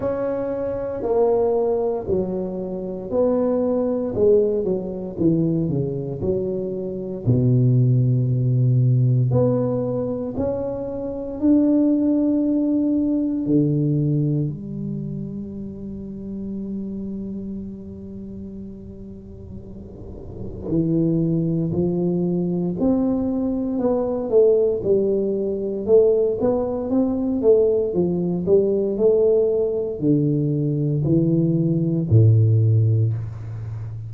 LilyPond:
\new Staff \with { instrumentName = "tuba" } { \time 4/4 \tempo 4 = 58 cis'4 ais4 fis4 b4 | gis8 fis8 e8 cis8 fis4 b,4~ | b,4 b4 cis'4 d'4~ | d'4 d4 g2~ |
g1 | e4 f4 c'4 b8 a8 | g4 a8 b8 c'8 a8 f8 g8 | a4 d4 e4 a,4 | }